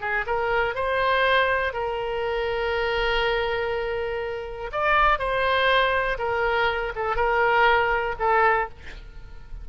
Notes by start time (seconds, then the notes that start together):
0.00 G#4
0.26 A#4
0.74 C5
1.73 A#4
4.72 D5
5.18 C5
6.18 A#4
6.95 A4
7.16 A#4
8.19 A4